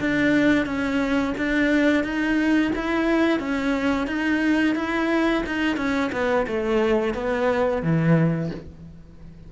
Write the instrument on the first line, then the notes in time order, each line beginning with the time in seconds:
cello
0.00 D4
0.65 C#4
1.37 D4
2.03 D#4
2.75 E4
3.39 C#4
4.07 D#4
4.75 E4
5.46 D#4
5.76 C#4
6.12 B3
6.47 A3
7.14 B3
7.83 E3